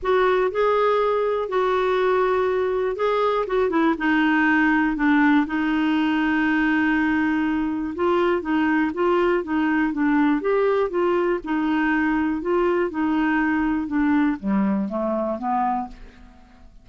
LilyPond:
\new Staff \with { instrumentName = "clarinet" } { \time 4/4 \tempo 4 = 121 fis'4 gis'2 fis'4~ | fis'2 gis'4 fis'8 e'8 | dis'2 d'4 dis'4~ | dis'1 |
f'4 dis'4 f'4 dis'4 | d'4 g'4 f'4 dis'4~ | dis'4 f'4 dis'2 | d'4 g4 a4 b4 | }